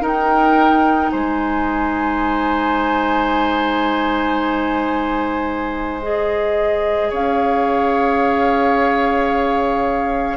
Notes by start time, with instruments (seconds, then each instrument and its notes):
0.00 clarinet D#4, bassoon D#4, oboe A#4
0.07 flute G5
1.11 bassoon G#3, oboe C5, flute G#5
6.02 clarinet G#4, flute D#5
7.10 bassoon C#4, oboe C#5, flute F5